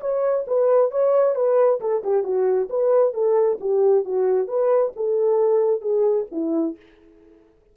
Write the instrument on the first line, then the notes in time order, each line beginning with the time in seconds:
horn
0.00 C#5
0.47 B4
0.91 C#5
1.35 B4
1.80 A4
2.03 G4
2.23 F#4
2.69 B4
3.13 A4
3.60 G4
4.04 F#4
4.47 B4
4.96 A4
5.81 G#4
6.31 E4